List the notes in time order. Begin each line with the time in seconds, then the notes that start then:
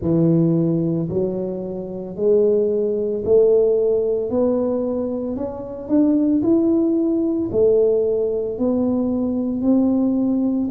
0.01 E3
1.09 F#3
2.16 G#3
3.24 A3
4.30 B3
5.36 C#4
5.88 D4
6.42 E4
7.51 A3
8.58 B3
9.61 C4